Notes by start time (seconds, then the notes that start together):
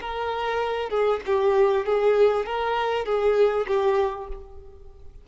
0.00 A#4
0.90 G#4
1.26 G4
1.85 G#4
2.45 A#4
3.05 G#4
3.67 G4